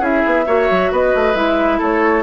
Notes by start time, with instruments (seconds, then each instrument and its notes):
0.00 bassoon C#4, clarinet E4, oboe G#4, flute E5
0.26 bassoon B3
0.46 bassoon A#3, clarinet F#4, oboe C#5
0.71 bassoon F#3
0.92 bassoon B3, oboe B4, flute D#5
1.15 bassoon A3
1.35 bassoon G#3, clarinet E4, flute E5
1.79 bassoon A3, oboe A4, flute C#5